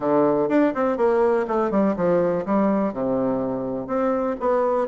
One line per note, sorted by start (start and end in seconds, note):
0.00 0.48 D3
0.49 0.73 D4
0.74 0.97 C4
0.97 1.45 A#3
1.47 1.71 A3
1.71 1.95 G3
1.96 2.45 F3
2.45 2.93 G3
2.93 3.87 C3
3.87 4.35 C4
4.40 4.87 B3